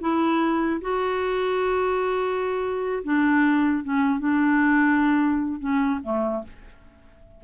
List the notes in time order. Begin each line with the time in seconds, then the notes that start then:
0.00 E4
0.81 F#4
3.03 D4
3.83 C#4
4.19 D4
5.59 C#4
6.03 A3